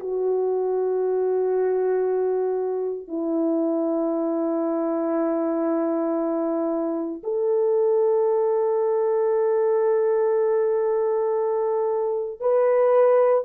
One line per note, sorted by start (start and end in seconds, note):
0.00 3.08 F#4
3.08 7.22 E4
7.23 12.40 A4
12.40 13.44 B4